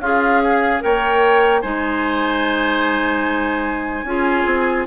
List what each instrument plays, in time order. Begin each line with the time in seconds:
0.00 bassoon C#4, oboe F4, clarinet G#4, flute F5
0.43 oboe G#4
0.80 bassoon A#3, clarinet A#4, oboe C#5, flute G5
1.62 bassoon G#3, clarinet D#4, oboe C5, flute G#5
4.04 bassoon C#4, clarinet F4, oboe G#4
4.46 bassoon C4